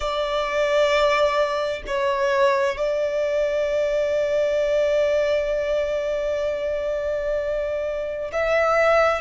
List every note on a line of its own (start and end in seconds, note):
0.00 1.83 D5
1.87 2.77 C#5
2.77 8.31 D5
8.32 9.21 E5